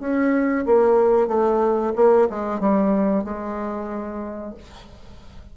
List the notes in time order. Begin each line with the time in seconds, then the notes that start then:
0.00 C#4
0.66 A#3
1.28 A3
1.96 A#3
2.30 G#3
2.60 G3
3.24 G#3